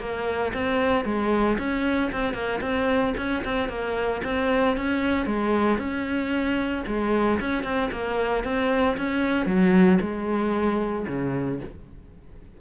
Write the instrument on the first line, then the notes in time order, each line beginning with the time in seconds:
cello
0.00 A#3
0.54 C4
1.05 G#3
1.58 C#4
2.12 C4
2.34 A#3
2.61 C4
3.17 C#4
3.44 C4
3.69 A#3
4.24 C4
4.77 C#4
5.26 G#3
5.78 C#4
6.87 G#3
7.40 C#4
7.64 C4
7.92 A#3
8.44 C4
8.97 C#4
9.46 F#3
10.01 G#3
11.08 C#3